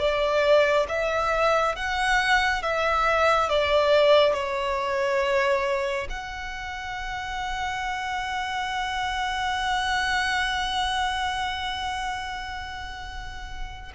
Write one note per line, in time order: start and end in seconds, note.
0.00 0.87 D5
0.89 1.76 E5
1.76 2.63 F#5
2.63 3.49 E5
3.49 4.34 D5
4.34 6.08 C#5
6.10 13.92 F#5